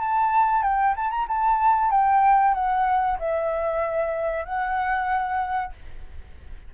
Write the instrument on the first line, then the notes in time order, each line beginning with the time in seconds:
flute
0.00 A5
0.63 G5
0.96 A5
1.11 A#5
1.28 A5
1.91 G5
2.54 F#5
3.19 E5
4.45 F#5